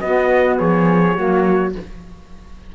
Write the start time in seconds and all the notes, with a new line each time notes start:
0.00 B3 F#4 D#5
0.59 F3 G#4 C#5
1.15 F#3 A#3 F#4